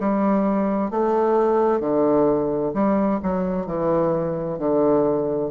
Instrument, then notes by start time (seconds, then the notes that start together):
bassoon
0.00 G3
0.91 A3
1.80 D3
2.74 G3
3.23 F#3
3.66 E3
4.59 D3